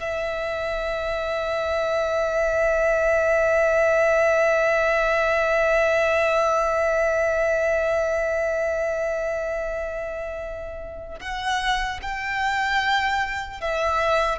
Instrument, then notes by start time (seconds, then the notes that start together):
violin
0.00 E5
11.20 F#5
12.02 G5
13.61 E5